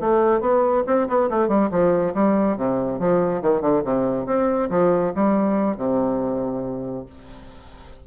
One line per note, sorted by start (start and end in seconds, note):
0.00 0.41 A3
0.41 0.83 B3
0.86 1.08 C4
1.08 1.30 B3
1.30 1.48 A3
1.48 1.69 G3
1.71 2.14 F3
2.14 2.57 G3
2.57 2.99 C3
2.99 3.42 F3
3.42 3.61 D#3
3.61 3.83 D3
3.84 4.26 C3
4.26 4.69 C4
4.70 5.13 F3
5.15 5.77 G3
5.77 7.06 C3